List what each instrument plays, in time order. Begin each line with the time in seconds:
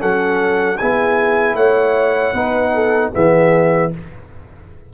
0.00 tuba F#3, trombone C#4, horn A4, trumpet F#5
0.78 tuba B3, trombone E4, horn G#4, trumpet G#5
1.55 tuba A3, horn C#5, trumpet F#5
2.33 tuba B3, trombone D#4, horn B4
2.75 horn A4
3.13 tuba E3, trombone B3, horn G#4, trumpet E5